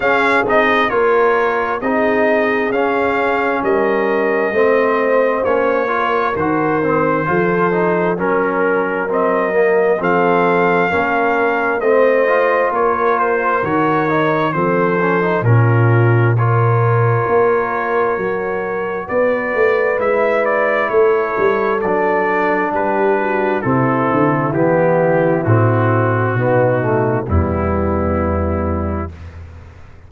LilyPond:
<<
  \new Staff \with { instrumentName = "trumpet" } { \time 4/4 \tempo 4 = 66 f''8 dis''8 cis''4 dis''4 f''4 | dis''2 cis''4 c''4~ | c''4 ais'4 dis''4 f''4~ | f''4 dis''4 cis''8 c''8 cis''4 |
c''4 ais'4 cis''2~ | cis''4 d''4 e''8 d''8 cis''4 | d''4 b'4 a'4 g'4 | fis'2 e'2 | }
  \new Staff \with { instrumentName = "horn" } { \time 4/4 gis'4 ais'4 gis'2 | ais'4 c''4. ais'4. | a'4 ais'2 a'4 | ais'4 c''4 ais'2 |
a'4 f'4 ais'2~ | ais'4 b'2 a'4~ | a'4 g'8 fis'8 e'2~ | e'4 dis'4 b2 | }
  \new Staff \with { instrumentName = "trombone" } { \time 4/4 cis'8 dis'8 f'4 dis'4 cis'4~ | cis'4 c'4 cis'8 f'8 fis'8 c'8 | f'8 dis'8 cis'4 c'8 ais8 c'4 | cis'4 c'8 f'4. fis'8 dis'8 |
c'8 cis'16 dis'16 cis'4 f'2 | fis'2 e'2 | d'2 c'4 b4 | c'4 b8 a8 g2 | }
  \new Staff \with { instrumentName = "tuba" } { \time 4/4 cis'8 c'8 ais4 c'4 cis'4 | g4 a4 ais4 dis4 | f4 fis2 f4 | ais4 a4 ais4 dis4 |
f4 ais,2 ais4 | fis4 b8 a8 gis4 a8 g8 | fis4 g4 c8 d8 e4 | a,4 b,4 e,2 | }
>>